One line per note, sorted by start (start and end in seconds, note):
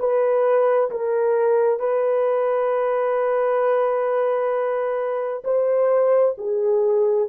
0.00 0.91 B4
0.91 1.80 A#4
1.80 5.43 B4
5.45 6.36 C5
6.38 7.29 G#4